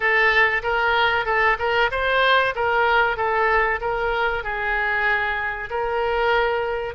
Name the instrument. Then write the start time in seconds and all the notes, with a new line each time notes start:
oboe
0.00 A4
0.62 A#4
1.25 A4
1.58 A#4
1.91 C5
2.55 A#4
3.17 A4
3.80 A#4
4.43 G#4
5.70 A#4